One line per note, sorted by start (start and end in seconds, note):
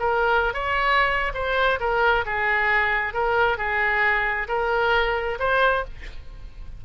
0.00 0.54 A#4
0.54 1.33 C#5
1.34 1.79 C5
1.80 2.25 A#4
2.26 3.14 G#4
3.14 3.58 A#4
3.58 4.48 G#4
4.48 5.39 A#4
5.40 5.85 C5